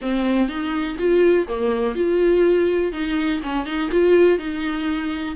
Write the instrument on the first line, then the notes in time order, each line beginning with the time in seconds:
viola
0.01 C4
0.48 D#4
0.98 F4
1.47 A#3
1.95 F4
2.92 D#4
3.42 C#4
3.65 D#4
3.91 F4
4.38 D#4